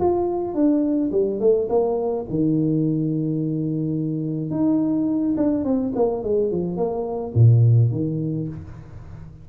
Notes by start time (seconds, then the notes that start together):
0.00 F4
0.54 D4
1.12 G3
1.40 A3
1.69 A#3
2.30 D#3
4.50 D#4
5.37 D4
5.64 C4
5.95 A#3
6.23 G#3
6.51 F3
6.76 A#3
7.34 A#2
7.91 D#3